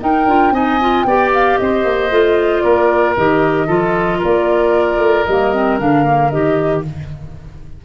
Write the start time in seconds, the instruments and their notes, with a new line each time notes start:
0.00 clarinet D#4, tuba D#4, oboe A#4, flute G5
0.26 tuba D4, clarinet F4
0.51 tuba C4, clarinet D#4, oboe D#5, flute G#5
0.80 clarinet F4
1.03 tuba B3, clarinet G4, oboe D5, flute G5
1.33 flute F5
1.57 tuba C4, oboe C5, flute D#5
1.84 tuba A#3
2.10 tuba A3, clarinet F4
2.61 tuba A#3, oboe A#4, flute D5
3.16 tuba D#3, clarinet G4, flute D#5
3.67 tuba F3, clarinet F4, oboe A4
4.18 tuba A#3, oboe A#4, flute D5
4.98 tuba A3
5.25 tuba G3, clarinet A#3, flute D#5
5.53 clarinet C4
5.79 tuba D3, clarinet D4, flute F5
6.04 clarinet A#3
6.30 tuba D#3, clarinet G4, flute D#5